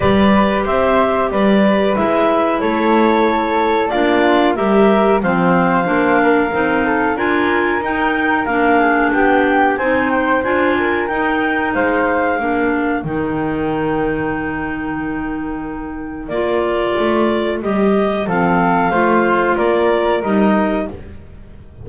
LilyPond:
<<
  \new Staff \with { instrumentName = "clarinet" } { \time 4/4 \tempo 4 = 92 d''4 e''4 d''4 e''4 | cis''2 d''4 e''4 | f''2. gis''4 | g''4 f''4 g''4 gis''8 g''8 |
gis''4 g''4 f''2 | g''1~ | g''4 d''2 dis''4 | f''2 d''4 dis''4 | }
  \new Staff \with { instrumentName = "flute" } { \time 4/4 b'4 c''4 b'2 | a'2 f'4 ais'4 | c''4. ais'4 a'8 ais'4~ | ais'4. gis'8 g'4 c''4~ |
c''8 ais'4. c''4 ais'4~ | ais'1~ | ais'1 | a'4 c''4 ais'2 | }
  \new Staff \with { instrumentName = "clarinet" } { \time 4/4 g'2. e'4~ | e'2 d'4 g'4 | c'4 d'4 dis'4 f'4 | dis'4 d'2 dis'4 |
f'4 dis'2 d'4 | dis'1~ | dis'4 f'2 g'4 | c'4 f'2 dis'4 | }
  \new Staff \with { instrumentName = "double bass" } { \time 4/4 g4 c'4 g4 gis4 | a2 ais4 g4 | f4 ais4 c'4 d'4 | dis'4 ais4 b4 c'4 |
d'4 dis'4 gis4 ais4 | dis1~ | dis4 ais4 a4 g4 | f4 a4 ais4 g4 | }
>>